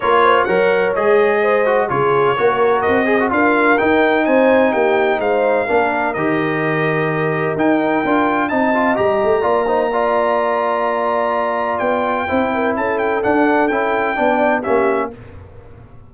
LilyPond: <<
  \new Staff \with { instrumentName = "trumpet" } { \time 4/4 \tempo 4 = 127 cis''4 fis''4 dis''2 | cis''2 dis''4 f''4 | g''4 gis''4 g''4 f''4~ | f''4 dis''2. |
g''2 a''4 ais''4~ | ais''1~ | ais''4 g''2 a''8 g''8 | fis''4 g''2 e''4 | }
  \new Staff \with { instrumentName = "horn" } { \time 4/4 ais'8 c''8 cis''2 c''4 | gis'4 ais'4. gis'8 ais'4~ | ais'4 c''4 g'4 c''4 | ais'1~ |
ais'2 dis''2 | d''8 c''8 d''2.~ | d''2 c''8 ais'8 a'4~ | a'2 d''4 g'4 | }
  \new Staff \with { instrumentName = "trombone" } { \time 4/4 f'4 ais'4 gis'4. fis'8 | f'4 fis'4. gis'16 fis'16 f'4 | dis'1 | d'4 g'2. |
dis'4 f'4 dis'8 f'8 g'4 | f'8 dis'8 f'2.~ | f'2 e'2 | d'4 e'4 d'4 cis'4 | }
  \new Staff \with { instrumentName = "tuba" } { \time 4/4 ais4 fis4 gis2 | cis4 ais4 c'4 d'4 | dis'4 c'4 ais4 gis4 | ais4 dis2. |
dis'4 d'4 c'4 g8 a8 | ais1~ | ais4 b4 c'4 cis'4 | d'4 cis'4 b4 ais4 | }
>>